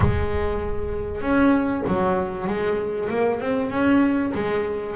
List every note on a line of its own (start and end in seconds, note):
0.00 1.21 G#3
1.21 1.82 C#4
1.87 2.47 F#3
2.47 3.08 G#3
3.09 3.40 A#3
3.40 3.70 C4
3.70 4.32 C#4
4.34 4.96 G#3